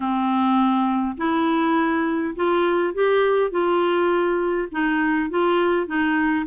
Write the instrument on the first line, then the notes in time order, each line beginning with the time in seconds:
clarinet
0.00 C4
1.17 E4
2.35 F4
2.94 G4
3.51 F4
4.71 D#4
5.30 F4
5.86 D#4